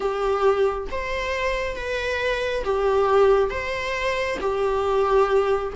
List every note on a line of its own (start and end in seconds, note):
0.00 0.87 G4
0.91 1.76 C5
1.76 2.64 B4
2.64 3.49 G4
3.49 4.38 C5
4.40 5.73 G4